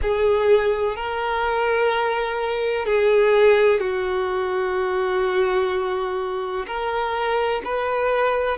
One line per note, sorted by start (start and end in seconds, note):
0.02 0.95 G#4
0.95 2.85 A#4
2.85 3.80 G#4
3.80 6.65 F#4
6.66 7.61 A#4
7.64 8.57 B4